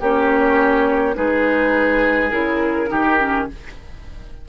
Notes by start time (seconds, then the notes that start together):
0.00 A#3 C#4 G4 C#5
1.14 G#3 D#4 G#4 B4
2.31 C#3 E4 A#4
2.87 D#3 D#4 G4
3.19 C#4